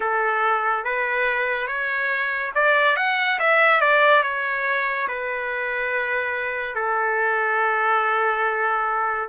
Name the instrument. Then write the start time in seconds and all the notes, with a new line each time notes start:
trumpet
0.00 A4
0.84 B4
1.67 C#5
2.55 D5
2.96 F#5
3.39 E5
3.80 D5
4.23 C#5
5.07 B4
6.75 A4